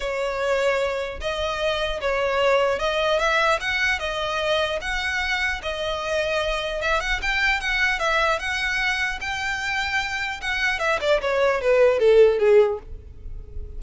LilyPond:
\new Staff \with { instrumentName = "violin" } { \time 4/4 \tempo 4 = 150 cis''2. dis''4~ | dis''4 cis''2 dis''4 | e''4 fis''4 dis''2 | fis''2 dis''2~ |
dis''4 e''8 fis''8 g''4 fis''4 | e''4 fis''2 g''4~ | g''2 fis''4 e''8 d''8 | cis''4 b'4 a'4 gis'4 | }